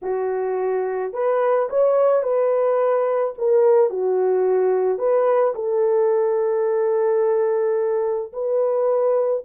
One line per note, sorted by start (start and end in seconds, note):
0.02 1.13 F#4
1.13 1.68 B4
1.69 2.22 C#5
2.22 3.34 B4
3.37 3.90 A#4
3.90 4.98 F#4
4.98 5.53 B4
5.54 8.32 A4
8.33 9.44 B4